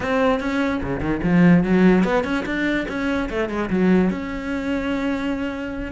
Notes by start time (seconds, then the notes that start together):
0.00 C4
0.40 C#4
0.82 C#3
1.00 D#3
1.23 F3
1.63 F#3
2.03 B3
2.24 C#4
2.45 D4
2.88 C#4
3.29 A3
3.49 G#3
3.70 F#3
4.10 C#4